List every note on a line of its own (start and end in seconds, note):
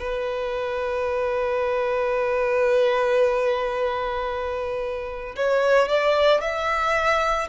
0.00 5.36 B4
5.36 5.89 C#5
5.89 6.41 D5
6.41 7.49 E5